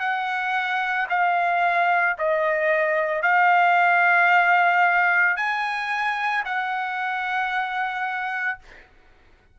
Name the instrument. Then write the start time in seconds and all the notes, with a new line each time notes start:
trumpet
0.00 F#5
1.10 F5
2.18 D#5
3.22 F5
5.37 G#5
6.45 F#5